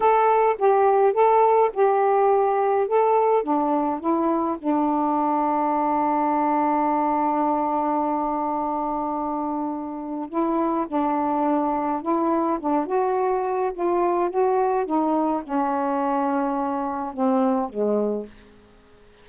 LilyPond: \new Staff \with { instrumentName = "saxophone" } { \time 4/4 \tempo 4 = 105 a'4 g'4 a'4 g'4~ | g'4 a'4 d'4 e'4 | d'1~ | d'1~ |
d'2 e'4 d'4~ | d'4 e'4 d'8 fis'4. | f'4 fis'4 dis'4 cis'4~ | cis'2 c'4 gis4 | }